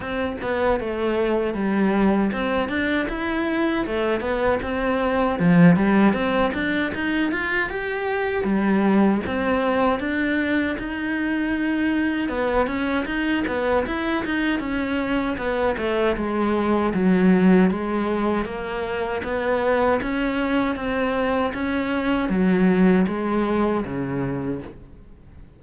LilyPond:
\new Staff \with { instrumentName = "cello" } { \time 4/4 \tempo 4 = 78 c'8 b8 a4 g4 c'8 d'8 | e'4 a8 b8 c'4 f8 g8 | c'8 d'8 dis'8 f'8 g'4 g4 | c'4 d'4 dis'2 |
b8 cis'8 dis'8 b8 e'8 dis'8 cis'4 | b8 a8 gis4 fis4 gis4 | ais4 b4 cis'4 c'4 | cis'4 fis4 gis4 cis4 | }